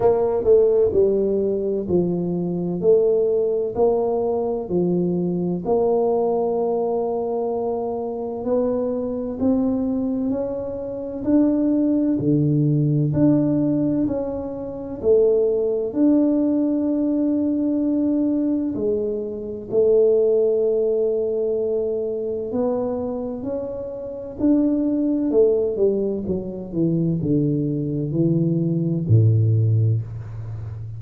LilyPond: \new Staff \with { instrumentName = "tuba" } { \time 4/4 \tempo 4 = 64 ais8 a8 g4 f4 a4 | ais4 f4 ais2~ | ais4 b4 c'4 cis'4 | d'4 d4 d'4 cis'4 |
a4 d'2. | gis4 a2. | b4 cis'4 d'4 a8 g8 | fis8 e8 d4 e4 a,4 | }